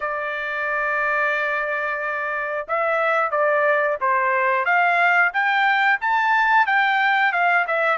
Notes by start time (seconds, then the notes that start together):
0.00 D5
2.68 E5
3.31 D5
4.01 C5
4.65 F5
5.33 G5
6.01 A5
6.66 G5
7.32 F5
7.67 E5